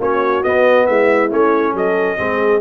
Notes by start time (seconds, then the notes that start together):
0.00 A#3 C#4 F#4 C#5
0.43 B3 D#5
0.87 G#3 E4 E5
1.30 A3 C#4 C#5
1.74 F#3 A4 D#5
2.18 G#3 C4 G#4